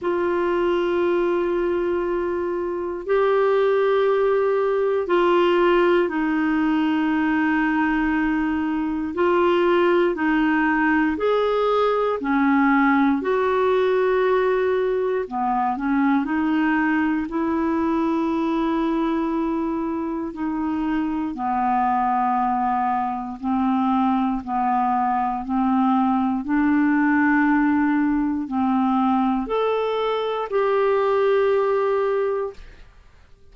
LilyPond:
\new Staff \with { instrumentName = "clarinet" } { \time 4/4 \tempo 4 = 59 f'2. g'4~ | g'4 f'4 dis'2~ | dis'4 f'4 dis'4 gis'4 | cis'4 fis'2 b8 cis'8 |
dis'4 e'2. | dis'4 b2 c'4 | b4 c'4 d'2 | c'4 a'4 g'2 | }